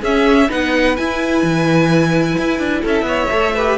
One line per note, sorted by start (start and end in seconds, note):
0.00 0.49 C#4
0.00 0.47 G#4
0.00 0.51 E5
0.47 0.98 B3
0.47 0.96 D#4
0.47 2.82 B4
0.47 0.96 F#5
0.96 3.30 E4
0.96 1.43 E4
0.96 2.84 G#5
1.43 2.36 E3
2.38 2.59 E4
2.59 2.82 D4
2.82 3.02 C#4
2.82 3.05 A4
2.82 3.78 E5
3.02 3.25 B3
3.02 3.54 C#5
3.30 3.78 A3
3.30 3.54 A4
3.55 3.78 G4
3.55 3.78 B4